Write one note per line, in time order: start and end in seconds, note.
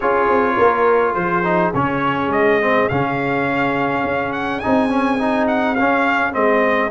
0.00 0.28 C#4
0.00 1.44 F4
0.00 0.54 G#4
0.00 1.14 C#5
0.28 0.57 C4
0.56 1.15 A#3
0.56 1.13 A#4
1.13 1.73 F3
1.13 6.90 G#4
1.13 1.72 C5
1.44 1.72 D#4
1.74 2.27 C#3
1.74 2.61 C#4
1.74 2.31 C#5
2.27 2.85 G#3
2.27 2.88 D#5
2.61 2.90 C4
2.88 4.03 C#3
2.88 4.62 C#4
2.88 4.32 F5
4.03 4.61 C#4
4.32 4.59 F#5
4.59 4.89 D#4
4.59 5.46 G#5
4.66 5.79 C4
4.89 5.18 C#4
5.18 5.76 D#4
5.47 5.75 F#5
5.75 6.32 C#4
5.75 6.35 C#4
5.75 6.32 F5
6.32 6.90 G#3
6.32 6.90 C4
6.32 6.90 D#5